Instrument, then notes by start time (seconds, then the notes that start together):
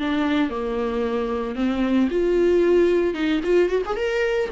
viola
0.00 D4
0.50 A#3
1.56 C4
2.11 F4
3.14 D#4
3.44 F4
3.69 F#4
3.86 G#4
3.97 A#4